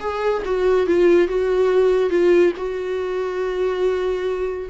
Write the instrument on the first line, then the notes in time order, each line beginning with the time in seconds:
viola
0.00 G#4
0.45 F#4
0.86 F4
1.28 F#4
2.10 F4
2.57 F#4